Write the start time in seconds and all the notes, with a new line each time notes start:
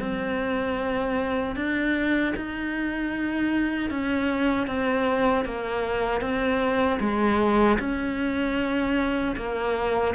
0.00 C4
1.56 D4
2.36 D#4
3.91 C#4
4.67 C4
5.45 A#3
6.21 C4
7.01 G#3
7.80 C#4
9.37 A#3